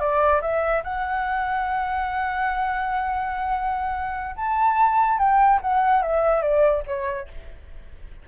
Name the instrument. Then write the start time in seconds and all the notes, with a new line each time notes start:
flute
0.00 D5
0.42 E5
0.84 F#5
4.36 A5
5.19 G5
5.62 F#5
6.02 E5
6.43 D5
6.87 C#5